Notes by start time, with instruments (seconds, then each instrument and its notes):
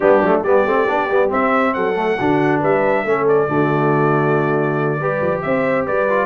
0.00 tuba G3, trombone B3, horn D4, trumpet G4
0.21 tuba F#3, trombone A3
0.42 tuba G3, trombone B3, horn G4, trumpet D5
0.65 tuba A3, trombone C4
0.87 tuba B3, trombone D4
1.09 tuba G3, trombone B3
1.28 trombone C4, tuba C4, trumpet E5
1.73 tuba F#3, horn A4, trumpet F#5
1.96 trombone A3
2.18 tuba D3, trombone D4, horn F#4
2.60 tuba G3, horn B4, trumpet E5
3.04 tuba A3, trombone C#4, horn A4
3.27 trumpet D5
3.48 tuba D3, trombone A3, horn F#4
4.99 tuba G3, trombone G4, horn B4
5.21 tuba F3
5.41 tuba C4, horn C5, trumpet E5
5.86 tuba G3, horn B4, trumpet D5
6.09 trombone F4